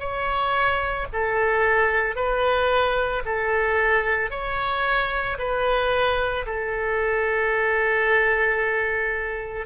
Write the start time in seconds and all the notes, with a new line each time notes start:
0.00 C#5
1.13 A4
2.16 B4
3.26 A4
4.31 C#5
5.39 B4
6.47 A4